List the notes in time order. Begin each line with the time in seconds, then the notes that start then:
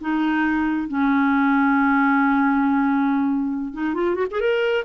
0.00 D#4
0.88 C#4
3.73 D#4
3.94 F4
4.15 F#4
4.31 G#4
4.40 A#4